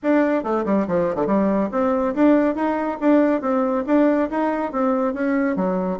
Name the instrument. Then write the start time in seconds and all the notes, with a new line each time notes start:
bassoon
0.02 D4
0.43 A3
0.65 G3
0.87 F3
1.15 D3
1.26 G3
1.71 C4
2.14 D4
2.55 D#4
3.00 D4
3.41 C4
3.86 D4
4.30 D#4
4.71 C4
5.13 C#4
5.55 F#3